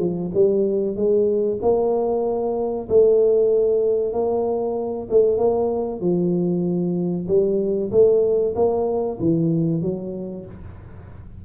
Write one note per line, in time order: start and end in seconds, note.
0.00 0.32 F3
0.34 0.96 G3
0.96 1.60 G#3
1.62 2.89 A#3
2.90 4.14 A3
4.14 5.08 A#3
5.11 5.38 A3
5.38 6.01 A#3
6.01 7.27 F3
7.28 7.91 G3
7.92 8.55 A3
8.56 9.19 A#3
9.20 9.82 E3
9.82 10.45 F#3